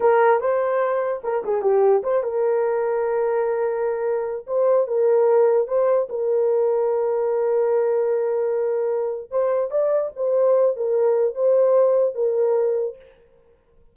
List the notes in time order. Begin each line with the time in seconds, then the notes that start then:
0.00 A#4
0.40 C5
1.23 A#4
1.44 G#4
1.61 G4
2.03 C5
2.23 A#4
4.46 C5
4.87 A#4
5.67 C5
6.09 A#4
9.30 C5
9.70 D5
10.16 C5
10.76 A#4
11.34 C5
12.14 A#4